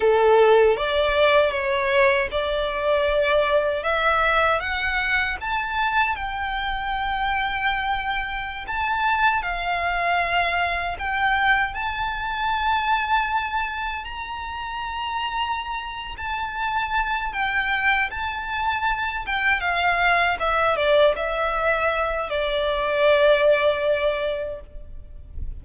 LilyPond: \new Staff \with { instrumentName = "violin" } { \time 4/4 \tempo 4 = 78 a'4 d''4 cis''4 d''4~ | d''4 e''4 fis''4 a''4 | g''2.~ g''16 a''8.~ | a''16 f''2 g''4 a''8.~ |
a''2~ a''16 ais''4.~ ais''16~ | ais''4 a''4. g''4 a''8~ | a''4 g''8 f''4 e''8 d''8 e''8~ | e''4 d''2. | }